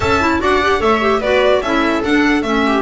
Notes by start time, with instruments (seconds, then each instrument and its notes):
0.00 double bass C#4, clarinet A4, viola E5, violin A5
0.20 clarinet E4
0.40 double bass D4, clarinet F#4, viola D5, violin F#5
0.62 clarinet G4
0.79 double bass A3, clarinet A4, viola C#5, violin E5
1.00 clarinet G4
1.19 double bass B3, clarinet F#4, viola B4, violin D5
1.61 double bass C#4, clarinet E4, viola A4, violin E5
2.03 clarinet D4, double bass D4, violin F#5
2.42 double bass A3, clarinet C#4, violin E5
2.66 viola G4